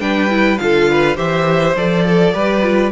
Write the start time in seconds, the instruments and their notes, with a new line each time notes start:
0.00 cello G3, viola D4, violin B4 G5
0.30 viola E4
0.58 cello D3, viola F4, violin A4 F5
0.91 violin B4
1.16 cello E3, viola G4, violin C5 E5
1.77 cello F3, viola A4, violin D5
2.05 violin A4
2.33 cello G3, viola G4, violin B4
2.62 viola F4